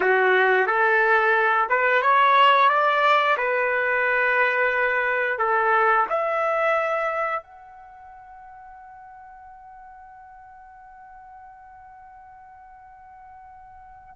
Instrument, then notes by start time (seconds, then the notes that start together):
trumpet
0.00 F#4
0.66 A4
1.69 B4
2.02 C#5
2.69 D5
3.37 B4
5.38 A4
6.09 E5
7.42 F#5